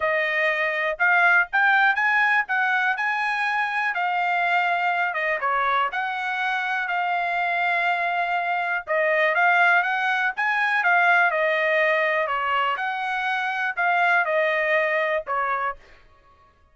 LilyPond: \new Staff \with { instrumentName = "trumpet" } { \time 4/4 \tempo 4 = 122 dis''2 f''4 g''4 | gis''4 fis''4 gis''2 | f''2~ f''8 dis''8 cis''4 | fis''2 f''2~ |
f''2 dis''4 f''4 | fis''4 gis''4 f''4 dis''4~ | dis''4 cis''4 fis''2 | f''4 dis''2 cis''4 | }